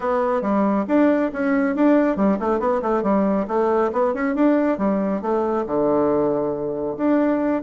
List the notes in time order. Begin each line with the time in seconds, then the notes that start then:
0.00 B3
0.41 G3
0.87 D4
1.32 C#4
1.75 D4
2.16 G3
2.39 A3
2.59 B3
2.81 A3
3.02 G3
3.47 A3
3.92 B3
4.14 C#4
4.35 D4
4.77 G3
5.21 A3
5.66 D3
6.97 D4